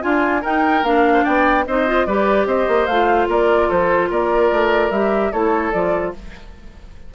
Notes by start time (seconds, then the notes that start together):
0.00 D4 F4 G#5
0.41 D#4 A#4 G5
0.82 A#3 D4 F5
1.13 C5
1.23 B3 D5 G5
1.66 C4 D#4 C5 D#5
1.87 F4
2.05 G3 G4 B4 D5
2.46 C4 C5 D#5
2.68 A#3
2.86 A3 F4 F5
3.27 A#3 A#4 D5
3.68 F3 A4 C5
4.10 A#3 A#4 D5
4.51 A3
4.90 G3 G4 E5
5.31 A3 E4 A4 C#5
5.72 F3 F4 D5